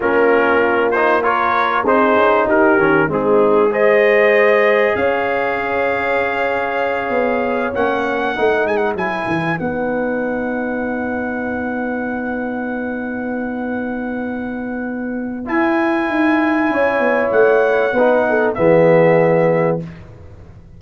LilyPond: <<
  \new Staff \with { instrumentName = "trumpet" } { \time 4/4 \tempo 4 = 97 ais'4. c''8 cis''4 c''4 | ais'4 gis'4 dis''2 | f''1~ | f''8 fis''4. gis''16 fis''16 gis''4 fis''8~ |
fis''1~ | fis''1~ | fis''4 gis''2. | fis''2 e''2 | }
  \new Staff \with { instrumentName = "horn" } { \time 4/4 f'2 ais'4 gis'4 | g'4 dis'4 c''2 | cis''1~ | cis''4. b'2~ b'8~ |
b'1~ | b'1~ | b'2. cis''4~ | cis''4 b'8 a'8 gis'2 | }
  \new Staff \with { instrumentName = "trombone" } { \time 4/4 cis'4. dis'8 f'4 dis'4~ | dis'8 cis'8 c'4 gis'2~ | gis'1~ | gis'8 cis'4 dis'4 e'4 dis'8~ |
dis'1~ | dis'1~ | dis'4 e'2.~ | e'4 dis'4 b2 | }
  \new Staff \with { instrumentName = "tuba" } { \time 4/4 ais2. c'8 cis'8 | dis'8 dis8 gis2. | cis'2.~ cis'8 b8~ | b8 ais4 a8 gis8 fis8 e8 b8~ |
b1~ | b1~ | b4 e'4 dis'4 cis'8 b8 | a4 b4 e2 | }
>>